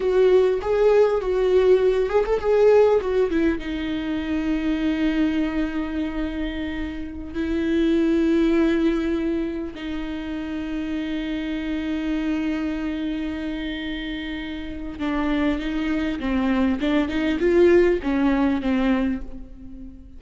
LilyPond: \new Staff \with { instrumentName = "viola" } { \time 4/4 \tempo 4 = 100 fis'4 gis'4 fis'4. gis'16 a'16 | gis'4 fis'8 e'8 dis'2~ | dis'1~ | dis'16 e'2.~ e'8.~ |
e'16 dis'2.~ dis'8.~ | dis'1~ | dis'4 d'4 dis'4 c'4 | d'8 dis'8 f'4 cis'4 c'4 | }